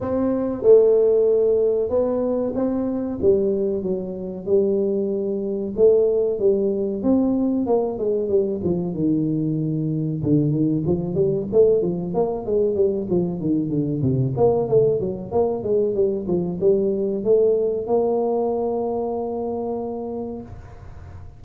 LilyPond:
\new Staff \with { instrumentName = "tuba" } { \time 4/4 \tempo 4 = 94 c'4 a2 b4 | c'4 g4 fis4 g4~ | g4 a4 g4 c'4 | ais8 gis8 g8 f8 dis2 |
d8 dis8 f8 g8 a8 f8 ais8 gis8 | g8 f8 dis8 d8 c8 ais8 a8 fis8 | ais8 gis8 g8 f8 g4 a4 | ais1 | }